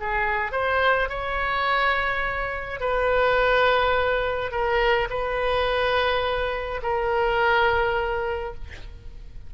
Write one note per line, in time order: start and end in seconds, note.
0.00 0.52 G#4
0.52 1.09 C5
1.09 2.80 C#5
2.80 4.51 B4
4.51 5.09 A#4
5.10 6.81 B4
6.83 8.54 A#4